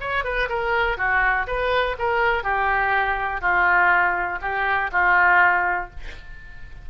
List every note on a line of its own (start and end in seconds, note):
0.00 0.24 C#5
0.24 0.48 B4
0.49 0.97 A#4
0.97 1.46 F#4
1.46 1.96 B4
1.98 2.43 A#4
2.43 3.40 G4
3.40 4.39 F4
4.41 4.90 G4
4.92 5.90 F4